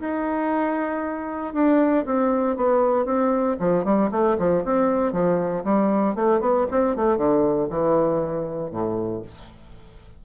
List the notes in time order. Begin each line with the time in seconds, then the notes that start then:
0.00 D#4
1.53 D4
2.05 C4
2.56 B3
3.05 C4
3.59 F3
3.84 G3
4.11 A3
4.38 F3
4.64 C4
5.12 F3
5.64 G3
6.15 A3
6.40 B3
6.71 C4
6.96 A3
7.17 D3
7.69 E3
8.71 A2